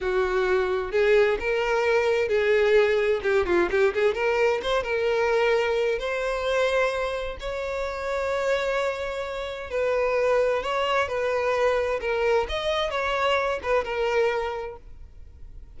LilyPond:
\new Staff \with { instrumentName = "violin" } { \time 4/4 \tempo 4 = 130 fis'2 gis'4 ais'4~ | ais'4 gis'2 g'8 f'8 | g'8 gis'8 ais'4 c''8 ais'4.~ | ais'4 c''2. |
cis''1~ | cis''4 b'2 cis''4 | b'2 ais'4 dis''4 | cis''4. b'8 ais'2 | }